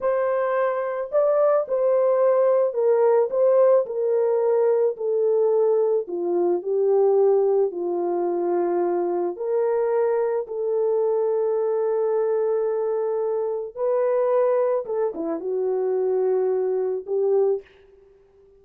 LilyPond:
\new Staff \with { instrumentName = "horn" } { \time 4/4 \tempo 4 = 109 c''2 d''4 c''4~ | c''4 ais'4 c''4 ais'4~ | ais'4 a'2 f'4 | g'2 f'2~ |
f'4 ais'2 a'4~ | a'1~ | a'4 b'2 a'8 e'8 | fis'2. g'4 | }